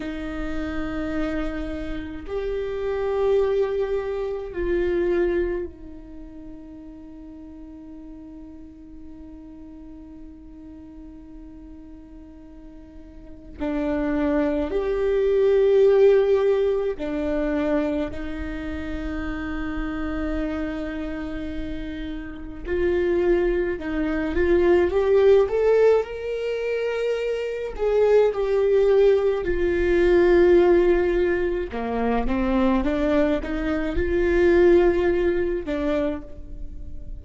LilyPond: \new Staff \with { instrumentName = "viola" } { \time 4/4 \tempo 4 = 53 dis'2 g'2 | f'4 dis'2.~ | dis'1 | d'4 g'2 d'4 |
dis'1 | f'4 dis'8 f'8 g'8 a'8 ais'4~ | ais'8 gis'8 g'4 f'2 | ais8 c'8 d'8 dis'8 f'4. d'8 | }